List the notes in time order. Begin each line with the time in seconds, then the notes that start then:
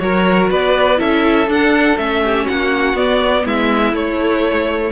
0.00 F#3 F#4 A#4 C#5
0.51 B3 B4 D5
0.98 C#4 E4 A4 E5
1.48 D4 F#5
1.98 A3 C#4 E5
2.25 G4
2.45 A#3 F#4 F#5
2.94 B3 D5
3.45 G#3 E4 E5
3.93 A3 C#5